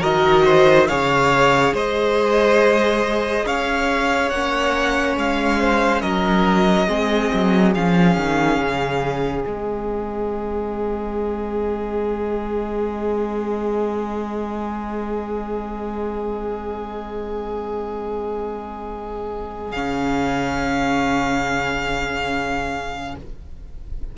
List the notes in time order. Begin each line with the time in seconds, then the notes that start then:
0.00 D#3 F#4 A#4 D#5
0.45 C5
0.88 C#3 G#4 C#5 F5
1.74 G#3 C5 D#5
3.46 C#4 C#5 F5
4.30 A#3 C#4 F#5
5.17 G#3 F5
5.60 C5
6.01 F#3 A#4 D#5
6.88 G#3 C4 G#4
7.34 F#3
7.75 F3 C#4 F5
8.17 D#3
8.59 C#3
9.44 G#3 C4 D#5
19.72 C#3 C#4 F5